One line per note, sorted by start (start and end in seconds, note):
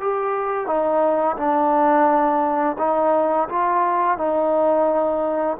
0.00 0.66 G4
0.66 1.36 D#4
1.36 2.76 D4
2.78 3.48 D#4
3.48 4.17 F4
4.17 5.57 D#4